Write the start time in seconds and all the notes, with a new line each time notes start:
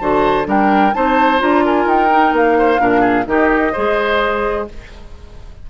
0.00 D3 F#4 C5 A5
0.45 G3 D4 A#4 G5
0.94 C4 D#4 C5 A5
1.39 D4 F4 A#5
1.65 A#4 G#5
1.86 D#4 G5
2.11 D#4
2.33 A#3 F5
2.59 C5
2.79 A#2 D4 A#4
3.01 G#4
3.27 D#3 D#4 G4 D#5
3.73 G#3 G#4 C5